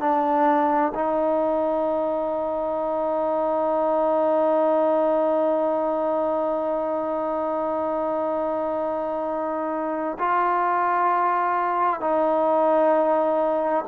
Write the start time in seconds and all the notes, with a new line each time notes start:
0.00 D4
0.94 D#4
10.19 F4
12.00 D#4